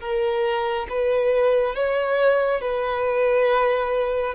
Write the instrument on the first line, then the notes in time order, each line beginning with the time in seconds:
violin
0.00 A#4
0.89 B4
1.75 C#5
2.61 B4